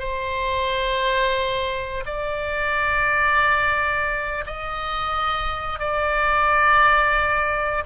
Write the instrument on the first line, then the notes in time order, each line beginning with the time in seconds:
oboe
0.00 C5
2.06 D5
4.47 D#5
5.80 D5